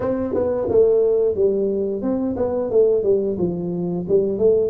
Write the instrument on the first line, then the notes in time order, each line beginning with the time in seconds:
tuba
0.00 C4
0.34 B3
0.69 A3
1.35 G3
2.02 C4
2.36 B3
2.70 A3
3.03 G3
3.38 F3
4.08 G3
4.38 A3